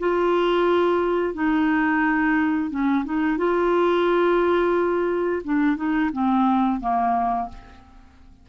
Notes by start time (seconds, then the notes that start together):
0.00 F4
1.35 D#4
2.71 C#4
3.05 D#4
3.38 F4
5.45 D4
5.77 D#4
6.13 C4
6.81 A#3